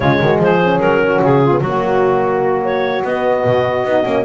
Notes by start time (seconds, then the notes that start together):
0.00 C#3 G#3 F4 C#5
0.20 D#3 F#4
0.39 F3 G#4 C5
0.60 C#4
0.80 F#3 A#4
1.03 F#4
1.21 C#3 G#4
1.42 F4
1.50 B3
1.60 F#3 A#3 F#4
2.64 C#5
3.04 B3 D#5
3.44 B2
3.84 B3 D#4
4.03 A#3 C#4